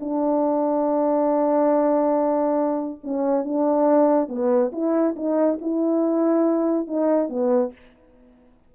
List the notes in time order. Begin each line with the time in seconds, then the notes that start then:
0.00 D4
3.04 C#4
3.44 D4
4.28 B3
4.72 E4
5.16 D#4
5.61 E4
6.87 D#4
7.29 B3